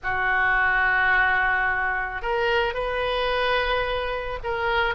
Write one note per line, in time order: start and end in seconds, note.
0.03 2.22 F#4
2.22 2.73 A#4
2.73 4.39 B4
4.43 4.94 A#4